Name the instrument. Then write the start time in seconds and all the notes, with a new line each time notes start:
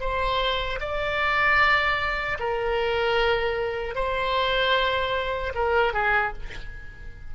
oboe
0.00 C5
0.80 D5
2.39 A#4
3.95 C5
5.54 A#4
5.93 G#4